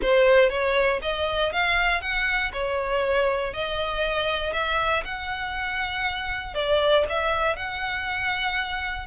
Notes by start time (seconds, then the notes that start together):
0.01 C5
0.49 C#5
1.02 D#5
1.52 F5
2.01 F#5
2.53 C#5
3.53 D#5
4.52 E5
5.04 F#5
6.54 D5
7.09 E5
7.56 F#5